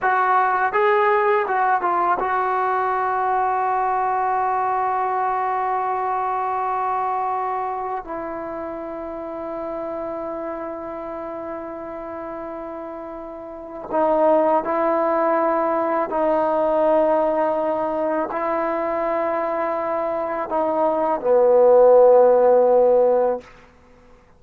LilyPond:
\new Staff \with { instrumentName = "trombone" } { \time 4/4 \tempo 4 = 82 fis'4 gis'4 fis'8 f'8 fis'4~ | fis'1~ | fis'2. e'4~ | e'1~ |
e'2. dis'4 | e'2 dis'2~ | dis'4 e'2. | dis'4 b2. | }